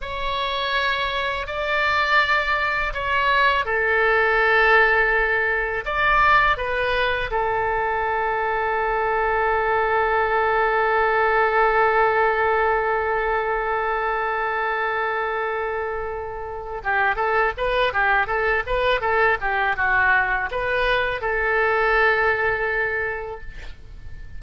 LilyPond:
\new Staff \with { instrumentName = "oboe" } { \time 4/4 \tempo 4 = 82 cis''2 d''2 | cis''4 a'2. | d''4 b'4 a'2~ | a'1~ |
a'1~ | a'2. g'8 a'8 | b'8 g'8 a'8 b'8 a'8 g'8 fis'4 | b'4 a'2. | }